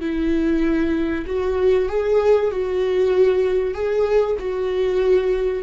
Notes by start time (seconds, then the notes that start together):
0.00 E4
1.26 F#4
1.88 G#4
2.51 F#4
3.74 G#4
4.39 F#4